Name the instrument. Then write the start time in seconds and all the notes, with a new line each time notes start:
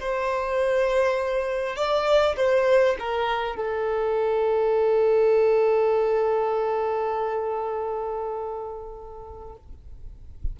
violin
0.00 C5
1.76 D5
2.36 C5
2.99 A#4
3.56 A4